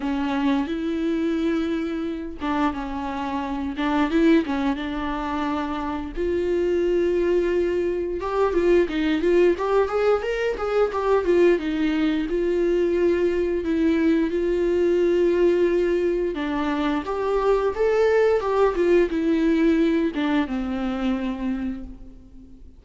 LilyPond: \new Staff \with { instrumentName = "viola" } { \time 4/4 \tempo 4 = 88 cis'4 e'2~ e'8 d'8 | cis'4. d'8 e'8 cis'8 d'4~ | d'4 f'2. | g'8 f'8 dis'8 f'8 g'8 gis'8 ais'8 gis'8 |
g'8 f'8 dis'4 f'2 | e'4 f'2. | d'4 g'4 a'4 g'8 f'8 | e'4. d'8 c'2 | }